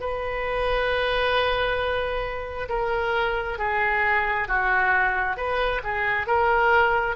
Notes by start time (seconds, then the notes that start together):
0.00 B4
2.69 A#4
3.59 G#4
4.48 F#4
5.37 B4
5.84 G#4
6.27 A#4